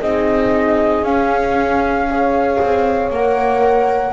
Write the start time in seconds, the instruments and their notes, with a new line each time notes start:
0.00 double bass C4, viola D#4, horn G#4, flute D#5
1.02 double bass C#4, viola C#4, flute F5
2.09 viola G#4, horn C#5
2.61 double bass C4
3.10 double bass A#3, viola A#4, flute F#5